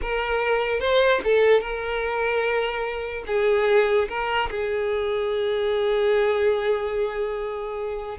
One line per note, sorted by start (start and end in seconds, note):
0.01 0.80 A#4
0.80 1.20 C5
1.24 1.60 A4
1.60 3.24 A#4
3.26 4.08 G#4
4.08 4.49 A#4
4.50 8.17 G#4